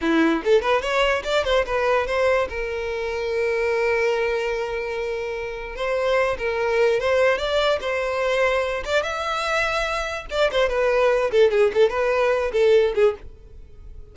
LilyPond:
\new Staff \with { instrumentName = "violin" } { \time 4/4 \tempo 4 = 146 e'4 a'8 b'8 cis''4 d''8 c''8 | b'4 c''4 ais'2~ | ais'1~ | ais'2 c''4. ais'8~ |
ais'4 c''4 d''4 c''4~ | c''4. d''8 e''2~ | e''4 d''8 c''8 b'4. a'8 | gis'8 a'8 b'4. a'4 gis'8 | }